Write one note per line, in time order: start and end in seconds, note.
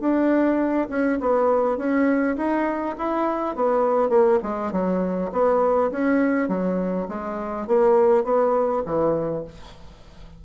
0.00 0.88 D4
0.89 1.19 C#4
1.20 1.78 B3
1.78 2.36 C#4
2.37 2.96 D#4
2.98 3.56 E4
3.56 4.09 B3
4.09 4.39 A#3
4.43 4.72 G#3
4.72 5.31 F#3
5.32 5.91 B3
5.91 6.48 C#4
6.48 7.07 F#3
7.09 7.67 G#3
7.67 8.24 A#3
8.24 8.83 B3
8.86 9.45 E3